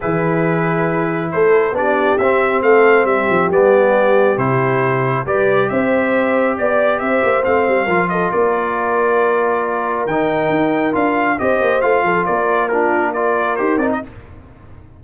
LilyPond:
<<
  \new Staff \with { instrumentName = "trumpet" } { \time 4/4 \tempo 4 = 137 b'2. c''4 | d''4 e''4 f''4 e''4 | d''2 c''2 | d''4 e''2 d''4 |
e''4 f''4. dis''8 d''4~ | d''2. g''4~ | g''4 f''4 dis''4 f''4 | d''4 ais'4 d''4 c''8 d''16 dis''16 | }
  \new Staff \with { instrumentName = "horn" } { \time 4/4 gis'2. a'4 | g'2 a'4 g'4~ | g'1 | b'4 c''2 d''4 |
c''2 ais'8 a'8 ais'4~ | ais'1~ | ais'2 c''4. a'8 | ais'4 f'4 ais'2 | }
  \new Staff \with { instrumentName = "trombone" } { \time 4/4 e'1 | d'4 c'2. | b2 e'2 | g'1~ |
g'4 c'4 f'2~ | f'2. dis'4~ | dis'4 f'4 g'4 f'4~ | f'4 d'4 f'4 g'8 dis'8 | }
  \new Staff \with { instrumentName = "tuba" } { \time 4/4 e2. a4 | b4 c'4 a4 g8 f8 | g2 c2 | g4 c'2 b4 |
c'8 ais8 a8 g8 f4 ais4~ | ais2. dis4 | dis'4 d'4 c'8 ais8 a8 f8 | ais2. dis'8 c'8 | }
>>